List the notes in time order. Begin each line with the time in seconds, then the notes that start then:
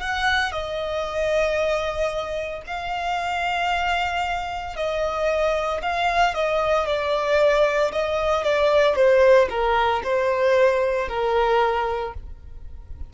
0.00 F#5
0.52 D#5
2.66 F5
4.76 D#5
5.81 F5
6.34 D#5
6.86 D5
7.91 D#5
8.44 D5
8.95 C5
9.49 A#4
10.03 C5
11.08 A#4